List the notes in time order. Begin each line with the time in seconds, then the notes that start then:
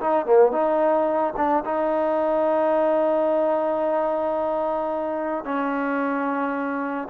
0.00 D#4
0.26 A#3
0.52 D#4
1.37 D4
1.65 D#4
5.45 C#4